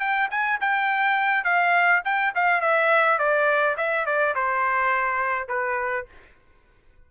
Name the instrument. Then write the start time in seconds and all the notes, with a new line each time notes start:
trumpet
0.00 G5
0.31 G#5
0.61 G5
1.44 F5
2.05 G5
2.35 F5
2.61 E5
3.19 D5
3.77 E5
4.06 D5
4.35 C5
5.48 B4